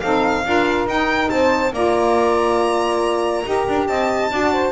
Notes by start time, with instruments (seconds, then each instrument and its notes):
0.00 double bass C4, saxophone D#4 A4, violin F5
0.44 double bass D4, saxophone F4 A#4
0.86 double bass D#4, saxophone D#4, violin G5
1.29 double bass C4, saxophone C5, violin A5
1.72 double bass A#3, saxophone F4 D5, violin A#5
3.44 double bass D#4, saxophone G4 A#4
3.67 double bass D4
3.87 double bass C4, saxophone D#5, violin A5
4.30 double bass D4, saxophone F#4 D5
4.52 saxophone C5